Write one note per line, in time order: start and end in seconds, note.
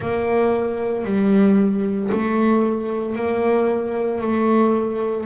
0.00 1.04 A#3
1.04 2.10 G3
2.11 3.15 A3
3.15 4.21 A#3
4.21 5.26 A3